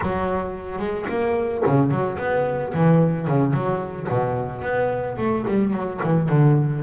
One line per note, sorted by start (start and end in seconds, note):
0.02 0.78 F#3
0.78 1.06 G#3
1.08 1.63 A#3
1.66 1.90 C#3
1.90 2.18 F#3
2.18 2.73 B3
2.73 3.27 E3
3.27 3.53 C#3
3.53 4.07 F#3
4.09 4.62 B2
4.62 5.16 B3
5.17 5.45 A3
5.47 5.73 G3
5.73 6.00 F#3
6.03 6.29 E3
6.29 6.82 D3